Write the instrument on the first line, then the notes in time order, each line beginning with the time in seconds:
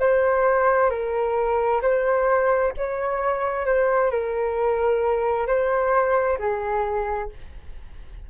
flute
0.00 C5
0.90 A#4
1.82 C5
2.78 C#5
3.66 C5
4.11 A#4
5.48 C5
6.39 G#4